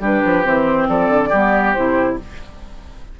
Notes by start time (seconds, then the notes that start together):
0.00 G3 D4 G4 B4
0.25 F3
0.43 E3 C4 C5
0.89 F3 A4 D5
1.09 D3
1.29 G3 B3 G4
1.73 C3 E4 C5